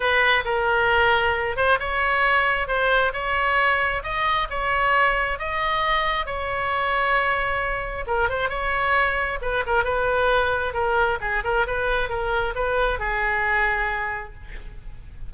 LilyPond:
\new Staff \with { instrumentName = "oboe" } { \time 4/4 \tempo 4 = 134 b'4 ais'2~ ais'8 c''8 | cis''2 c''4 cis''4~ | cis''4 dis''4 cis''2 | dis''2 cis''2~ |
cis''2 ais'8 c''8 cis''4~ | cis''4 b'8 ais'8 b'2 | ais'4 gis'8 ais'8 b'4 ais'4 | b'4 gis'2. | }